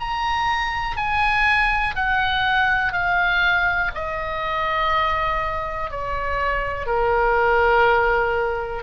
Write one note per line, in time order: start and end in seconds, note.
0.00 0.97 A#5
0.97 1.95 G#5
1.95 2.92 F#5
2.92 3.91 F5
3.94 5.90 D#5
5.90 6.86 C#5
6.86 8.83 A#4